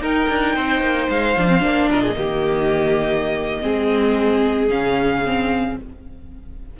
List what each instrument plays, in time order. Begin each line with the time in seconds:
0.00 cello D#4, viola D#4, violin A#4 G5
0.29 cello D4
0.55 cello C4, violin C5
0.81 cello A#3
1.09 cello G#3, violin F5
1.37 cello F3, viola D4
1.47 viola C4
1.60 cello A#3, viola D4
1.90 cello A#2, violin A#4 D#5
2.02 violin G#4
2.16 cello D#3, viola A#3, violin G4
3.62 cello G#3, viola C4, violin G#4
4.69 cello C#3, viola C#4, violin F5
5.26 viola C4